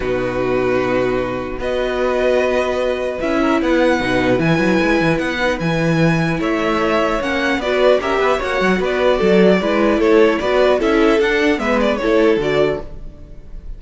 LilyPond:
<<
  \new Staff \with { instrumentName = "violin" } { \time 4/4 \tempo 4 = 150 b'1 | dis''1 | e''4 fis''2 gis''4~ | gis''4 fis''4 gis''2 |
e''2 fis''4 d''4 | e''4 fis''4 d''2~ | d''4 cis''4 d''4 e''4 | fis''4 e''8 d''8 cis''4 d''4 | }
  \new Staff \with { instrumentName = "violin" } { \time 4/4 fis'1 | b'1~ | b'8 ais'8 b'2.~ | b'1 |
cis''2. b'4 | ais'8 b'8 cis''4 b'4 a'4 | b'4 a'4 b'4 a'4~ | a'4 b'4 a'2 | }
  \new Staff \with { instrumentName = "viola" } { \time 4/4 dis'1 | fis'1 | e'2 dis'4 e'4~ | e'4. dis'8 e'2~ |
e'2 cis'4 fis'4 | g'4 fis'2. | e'2 fis'4 e'4 | d'4 b4 e'4 fis'4 | }
  \new Staff \with { instrumentName = "cello" } { \time 4/4 b,1 | b1 | cis'4 b4 b,4 e8 fis8 | gis8 e8 b4 e2 |
a2 ais4 b4 | cis'8 b8 ais8 fis8 b4 fis4 | gis4 a4 b4 cis'4 | d'4 gis4 a4 d4 | }
>>